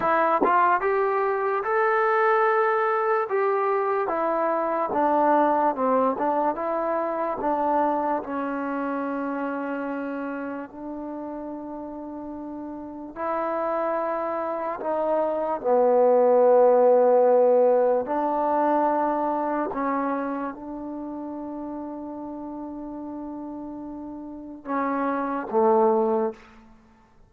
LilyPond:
\new Staff \with { instrumentName = "trombone" } { \time 4/4 \tempo 4 = 73 e'8 f'8 g'4 a'2 | g'4 e'4 d'4 c'8 d'8 | e'4 d'4 cis'2~ | cis'4 d'2. |
e'2 dis'4 b4~ | b2 d'2 | cis'4 d'2.~ | d'2 cis'4 a4 | }